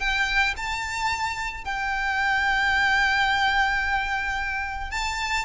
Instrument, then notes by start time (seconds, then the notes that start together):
violin
0.00 G5
0.57 A5
1.65 G5
4.91 A5